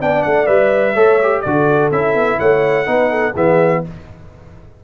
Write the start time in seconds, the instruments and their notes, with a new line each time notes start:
0.00 tuba B3, trombone D4, horn D5, trumpet G5
0.23 tuba A3, trumpet F#5
0.46 tuba G3, trombone B4, trumpet E5
0.94 tuba A3, trombone A4, horn C#5
1.22 trombone G4
1.41 tuba D3, trombone F#4, horn A4, trumpet D5
1.91 tuba C#4, trombone E4, trumpet E5
2.15 tuba B3
2.39 tuba A3, horn C#5, trumpet F#5
2.86 tuba B3, trombone D#4, horn B4
3.10 horn A4
3.34 tuba E3, trombone B3, horn G#4, trumpet E5